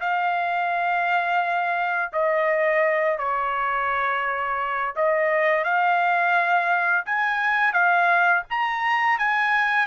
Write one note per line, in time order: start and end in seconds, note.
0.00 2.12 F5
2.12 3.18 D#5
3.18 4.94 C#5
4.96 5.64 D#5
5.64 7.06 F5
7.06 7.73 G#5
7.73 8.44 F5
8.50 9.19 A#5
9.19 9.87 G#5